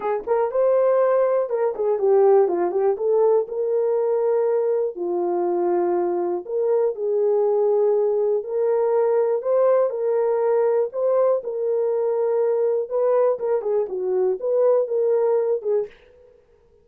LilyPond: \new Staff \with { instrumentName = "horn" } { \time 4/4 \tempo 4 = 121 gis'8 ais'8 c''2 ais'8 gis'8 | g'4 f'8 g'8 a'4 ais'4~ | ais'2 f'2~ | f'4 ais'4 gis'2~ |
gis'4 ais'2 c''4 | ais'2 c''4 ais'4~ | ais'2 b'4 ais'8 gis'8 | fis'4 b'4 ais'4. gis'8 | }